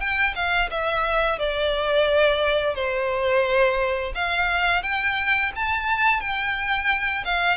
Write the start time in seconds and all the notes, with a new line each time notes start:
0.00 G5
0.35 F5
0.71 E5
1.39 D5
2.75 C5
4.15 F5
4.83 G5
5.56 A5
6.21 G5
7.25 F5